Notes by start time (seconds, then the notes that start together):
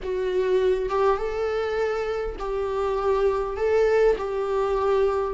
0.03 F#4
0.89 G4
1.17 A4
2.39 G4
3.56 A4
4.17 G4